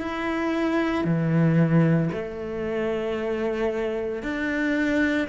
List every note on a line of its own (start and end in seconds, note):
0.00 1.04 E4
1.04 2.10 E3
2.12 4.22 A3
4.22 5.28 D4